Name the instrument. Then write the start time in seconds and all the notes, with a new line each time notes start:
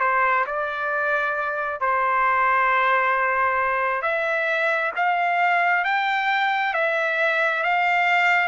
trumpet
0.00 C5
0.46 D5
1.80 C5
4.02 E5
4.96 F5
5.85 G5
6.74 E5
7.63 F5